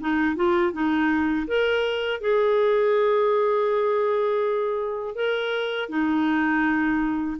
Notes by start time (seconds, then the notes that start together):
0.00 D#4
0.35 F4
0.72 D#4
1.47 A#4
2.20 G#4
5.15 A#4
5.89 D#4